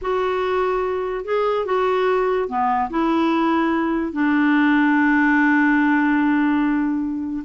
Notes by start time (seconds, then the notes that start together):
0.01 F#4
1.24 G#4
1.65 F#4
2.48 B3
2.90 E4
4.12 D4